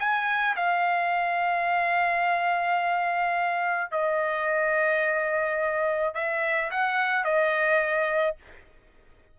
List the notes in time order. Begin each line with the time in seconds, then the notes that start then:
0.00 G#5
0.57 F5
3.92 D#5
6.15 E5
6.71 F#5
7.25 D#5